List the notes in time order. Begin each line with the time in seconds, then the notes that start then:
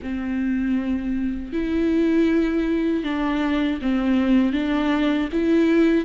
0.01 C4
1.52 E4
3.03 D4
3.81 C4
4.52 D4
5.32 E4